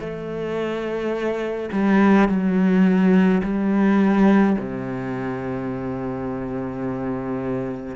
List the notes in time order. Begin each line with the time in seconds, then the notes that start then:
0.00 A3
1.72 G3
2.29 F#3
3.44 G3
4.58 C3